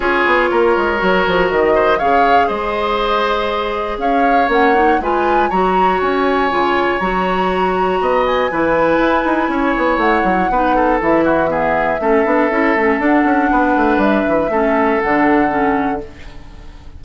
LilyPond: <<
  \new Staff \with { instrumentName = "flute" } { \time 4/4 \tempo 4 = 120 cis''2. dis''4 | f''4 dis''2. | f''4 fis''4 gis''4 ais''4 | gis''2 ais''2~ |
ais''8 gis''2.~ gis''8 | fis''2 e''2~ | e''2 fis''2 | e''2 fis''2 | }
  \new Staff \with { instrumentName = "oboe" } { \time 4/4 gis'4 ais'2~ ais'8 c''8 | cis''4 c''2. | cis''2 b'4 cis''4~ | cis''1 |
dis''4 b'2 cis''4~ | cis''4 b'8 a'4 fis'8 gis'4 | a'2. b'4~ | b'4 a'2. | }
  \new Staff \with { instrumentName = "clarinet" } { \time 4/4 f'2 fis'2 | gis'1~ | gis'4 cis'8 dis'8 f'4 fis'4~ | fis'4 f'4 fis'2~ |
fis'4 e'2.~ | e'4 dis'4 e'4 b4 | cis'8 d'8 e'8 cis'8 d'2~ | d'4 cis'4 d'4 cis'4 | }
  \new Staff \with { instrumentName = "bassoon" } { \time 4/4 cis'8 b8 ais8 gis8 fis8 f8 dis4 | cis4 gis2. | cis'4 ais4 gis4 fis4 | cis'4 cis4 fis2 |
b4 e4 e'8 dis'8 cis'8 b8 | a8 fis8 b4 e2 | a8 b8 cis'8 a8 d'8 cis'8 b8 a8 | g8 e8 a4 d2 | }
>>